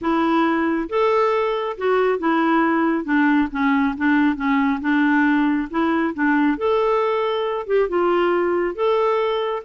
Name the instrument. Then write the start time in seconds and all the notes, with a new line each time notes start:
clarinet
0.01 E4
0.89 A4
1.77 F#4
2.19 E4
3.04 D4
3.51 C#4
3.97 D4
4.36 C#4
4.81 D4
5.70 E4
6.13 D4
6.57 A4
7.66 G4
7.88 F4
8.75 A4